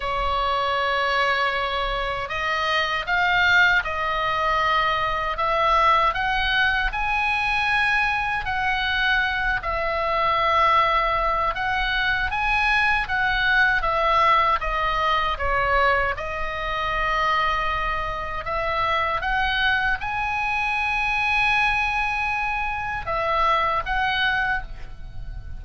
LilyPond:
\new Staff \with { instrumentName = "oboe" } { \time 4/4 \tempo 4 = 78 cis''2. dis''4 | f''4 dis''2 e''4 | fis''4 gis''2 fis''4~ | fis''8 e''2~ e''8 fis''4 |
gis''4 fis''4 e''4 dis''4 | cis''4 dis''2. | e''4 fis''4 gis''2~ | gis''2 e''4 fis''4 | }